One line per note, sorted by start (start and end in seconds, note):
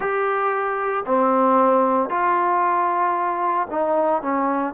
0.00 1.04 G4
1.05 2.09 C4
2.09 3.67 F4
3.70 4.22 D#4
4.22 4.73 C#4